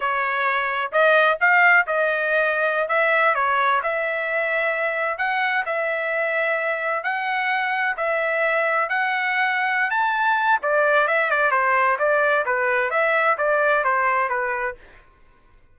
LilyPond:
\new Staff \with { instrumentName = "trumpet" } { \time 4/4 \tempo 4 = 130 cis''2 dis''4 f''4 | dis''2~ dis''16 e''4 cis''8.~ | cis''16 e''2. fis''8.~ | fis''16 e''2. fis''8.~ |
fis''4~ fis''16 e''2 fis''8.~ | fis''4. a''4. d''4 | e''8 d''8 c''4 d''4 b'4 | e''4 d''4 c''4 b'4 | }